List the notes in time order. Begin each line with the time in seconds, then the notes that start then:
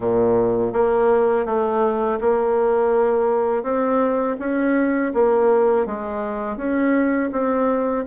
0.00 A#2
0.73 A#3
1.45 A3
2.21 A#3
3.63 C4
4.39 C#4
5.14 A#3
5.85 G#3
6.57 C#4
7.31 C4